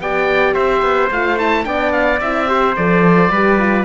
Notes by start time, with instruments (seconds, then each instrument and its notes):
0.00 cello B3, horn G4, trumpet D5, oboe G5
0.54 cello C4, trumpet C5, oboe E5
0.82 cello B3
1.11 cello A3, horn F4, oboe F5
1.37 horn E4, oboe A5
1.65 cello B3, horn D4, trumpet D5, oboe G5
1.93 oboe F5
2.21 cello C4, horn E4, oboe E5
2.47 horn G4, trumpet C5
2.77 cello F3, horn A4, oboe D5
3.30 cello G3, horn G4, trumpet B4
3.59 horn F4